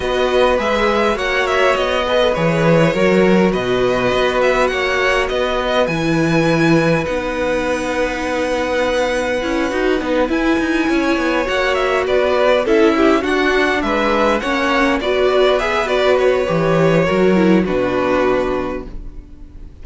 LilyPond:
<<
  \new Staff \with { instrumentName = "violin" } { \time 4/4 \tempo 4 = 102 dis''4 e''4 fis''8 e''8 dis''4 | cis''2 dis''4. e''8 | fis''4 dis''4 gis''2 | fis''1~ |
fis''4. gis''2 fis''8 | e''8 d''4 e''4 fis''4 e''8~ | e''8 fis''4 d''4 e''8 d''8 cis''8~ | cis''2 b'2 | }
  \new Staff \with { instrumentName = "violin" } { \time 4/4 b'2 cis''4. b'8~ | b'4 ais'4 b'2 | cis''4 b'2.~ | b'1~ |
b'2~ b'8 cis''4.~ | cis''8 b'4 a'8 g'8 fis'4 b'8~ | b'8 cis''4 b'2~ b'8~ | b'4 ais'4 fis'2 | }
  \new Staff \with { instrumentName = "viola" } { \time 4/4 fis'4 gis'4 fis'4. gis'16 a'16 | gis'4 fis'2.~ | fis'2 e'2 | dis'1 |
e'8 fis'8 dis'8 e'2 fis'8~ | fis'4. e'4 d'4.~ | d'8 cis'4 fis'4 gis'8 fis'4 | g'4 fis'8 e'8 d'2 | }
  \new Staff \with { instrumentName = "cello" } { \time 4/4 b4 gis4 ais4 b4 | e4 fis4 b,4 b4 | ais4 b4 e2 | b1 |
cis'8 dis'8 b8 e'8 dis'8 cis'8 b8 ais8~ | ais8 b4 cis'4 d'4 gis8~ | gis8 ais4 b2~ b8 | e4 fis4 b,2 | }
>>